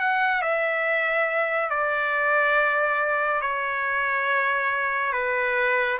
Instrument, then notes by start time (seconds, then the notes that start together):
trumpet
0.00 F#5
0.42 E5
1.70 D5
3.41 C#5
5.12 B4